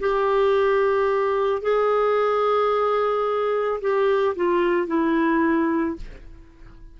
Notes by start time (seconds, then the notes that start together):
0.00 G4
1.62 G#4
3.81 G4
4.36 F4
4.87 E4